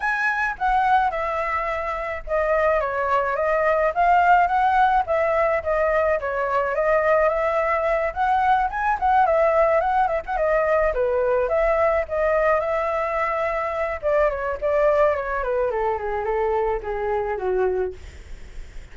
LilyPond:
\new Staff \with { instrumentName = "flute" } { \time 4/4 \tempo 4 = 107 gis''4 fis''4 e''2 | dis''4 cis''4 dis''4 f''4 | fis''4 e''4 dis''4 cis''4 | dis''4 e''4. fis''4 gis''8 |
fis''8 e''4 fis''8 e''16 fis''16 dis''4 b'8~ | b'8 e''4 dis''4 e''4.~ | e''4 d''8 cis''8 d''4 cis''8 b'8 | a'8 gis'8 a'4 gis'4 fis'4 | }